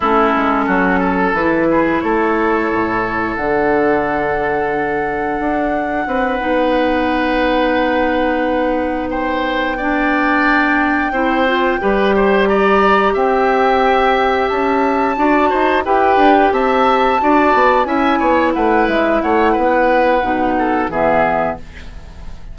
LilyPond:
<<
  \new Staff \with { instrumentName = "flute" } { \time 4/4 \tempo 4 = 89 a'2 b'4 cis''4~ | cis''4 fis''2.~ | fis''1~ | fis''4. g''2~ g''8~ |
g''2~ g''8 ais''4 g''8~ | g''4. a''2 g''8~ | g''8 a''2 gis''4 fis''8 | e''8 fis''2~ fis''8 e''4 | }
  \new Staff \with { instrumentName = "oboe" } { \time 4/4 e'4 fis'8 a'4 gis'8 a'4~ | a'1~ | a'4 b'2.~ | b'4. c''4 d''4.~ |
d''8 c''4 b'8 c''8 d''4 e''8~ | e''2~ e''8 d''8 c''8 b'8~ | b'8 e''4 d''4 e''8 cis''8 b'8~ | b'8 cis''8 b'4. a'8 gis'4 | }
  \new Staff \with { instrumentName = "clarinet" } { \time 4/4 cis'2 e'2~ | e'4 d'2.~ | d'4. dis'2~ dis'8~ | dis'2~ dis'8 d'4.~ |
d'8 e'8 f'8 g'2~ g'8~ | g'2~ g'8 fis'4 g'8~ | g'4. fis'4 e'4.~ | e'2 dis'4 b4 | }
  \new Staff \with { instrumentName = "bassoon" } { \time 4/4 a8 gis8 fis4 e4 a4 | a,4 d2. | d'4 c'8 b2~ b8~ | b1~ |
b8 c'4 g2 c'8~ | c'4. cis'4 d'8 dis'8 e'8 | d'8 c'4 d'8 b8 cis'8 b8 a8 | gis8 a8 b4 b,4 e4 | }
>>